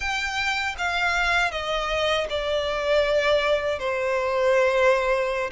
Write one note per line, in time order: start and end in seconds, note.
0.00 0.75 G5
0.78 1.51 F5
1.51 2.27 D#5
2.29 3.79 D5
3.79 5.50 C5